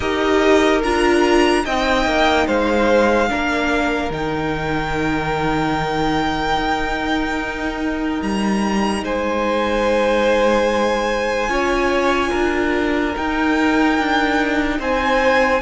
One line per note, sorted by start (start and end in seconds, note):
0.00 0.82 D#4
0.00 0.83 G4
0.00 1.63 A#4
0.00 0.81 D#5
0.83 1.65 D4
0.83 1.65 F4
0.83 1.65 A#5
1.64 2.05 C4
1.64 3.28 D#4
1.64 2.47 D#5
1.64 2.47 G5
2.05 2.46 A#3
2.47 3.29 G#3
2.47 3.29 C5
2.47 4.12 F5
3.28 4.10 A#3
3.28 4.10 D4
3.28 9.03 A#4
4.10 6.56 D#3
4.10 11.48 D#4
4.10 8.21 G5
6.56 8.20 D#4
8.21 9.03 G3
8.21 9.04 A#5
9.03 11.48 G#3
9.03 11.49 C5
9.03 13.15 G#5
11.48 12.31 C#4
11.48 13.12 F4
11.48 12.30 C#5
12.30 13.15 D4
12.30 14.76 A#4
13.15 15.62 D#4
13.15 13.98 D#4
13.15 14.80 G5
13.98 14.79 D4
14.79 15.61 C4
14.79 15.61 C5
14.79 15.62 G#5